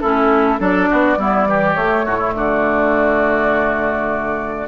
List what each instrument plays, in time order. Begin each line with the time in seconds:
0.00 bassoon A3, clarinet C#4, oboe E4, flute A4
0.59 bassoon F#3, clarinet D4, oboe A4, flute D5
0.89 bassoon B3, oboe F#4
1.17 bassoon G3, clarinet B3, oboe E4
1.46 clarinet E3, oboe G4
1.75 clarinet A3, bassoon A3, flute C#5
2.06 bassoon A2, oboe F#4
2.18 oboe E4
2.35 bassoon D3, oboe F#4, flute D5